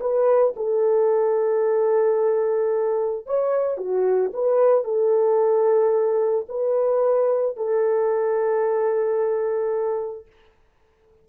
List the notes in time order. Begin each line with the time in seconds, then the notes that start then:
0.00 B4
0.56 A4
3.26 C#5
3.77 F#4
4.33 B4
4.84 A4
6.48 B4
7.56 A4